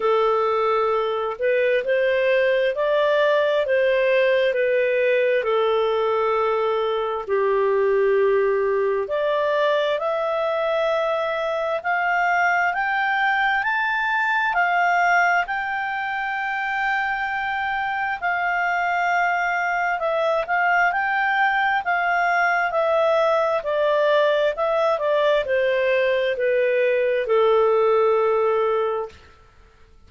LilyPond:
\new Staff \with { instrumentName = "clarinet" } { \time 4/4 \tempo 4 = 66 a'4. b'8 c''4 d''4 | c''4 b'4 a'2 | g'2 d''4 e''4~ | e''4 f''4 g''4 a''4 |
f''4 g''2. | f''2 e''8 f''8 g''4 | f''4 e''4 d''4 e''8 d''8 | c''4 b'4 a'2 | }